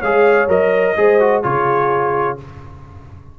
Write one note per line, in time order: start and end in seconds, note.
0.00 0.48 G#3
0.00 0.49 G#4
0.00 0.94 C#5
0.00 0.49 F5
0.48 0.96 F#3
0.48 0.96 A#4
0.48 1.44 D#5
0.97 1.44 G#3
0.97 1.20 G#4
0.97 1.44 C5
1.20 1.44 F#4
1.44 2.39 C#3
1.44 2.38 F4
1.44 2.39 G#4
1.44 2.38 C#5